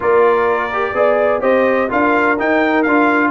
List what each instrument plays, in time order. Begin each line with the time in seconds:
0.00 tuba A#3, trombone F4, horn A#4, trumpet D5
0.72 trombone G4
0.94 tuba B3, trombone G#4, horn D5
1.41 tuba C4, trombone G4, horn C5, trumpet D#5
1.89 tuba D4, trombone F4, horn A#4, trumpet F5
2.38 trombone D#4, tuba D#4, trumpet G5
2.82 tuba D4, trombone F4, trumpet F5